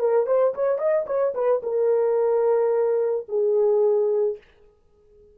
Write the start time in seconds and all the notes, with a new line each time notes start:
0.00 A#4
0.27 C5
0.55 C#5
0.79 D#5
1.07 C#5
1.35 B4
1.63 A#4
3.29 G#4